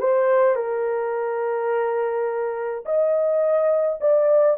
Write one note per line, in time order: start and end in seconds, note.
0.00 0.56 C5
0.56 2.84 A#4
2.85 4.00 D#5
4.01 4.58 D5